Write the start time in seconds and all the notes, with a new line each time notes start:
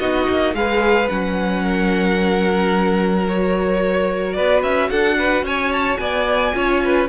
0.00 B3 D#4 F#4 D#5
0.29 A#3
0.54 G#3 G#4 B4 F5
1.09 F#3 C#4 F#5
1.64 A#4
3.27 F#4 C#5
4.34 B3 B4 D5
4.64 C#4 E5
4.90 D4 A4 F#5
5.18 B4
5.43 C#4 C#5 G#5
5.73 A5
5.97 B3 D5 G#5
6.53 C#4 F4 C#5
6.85 B4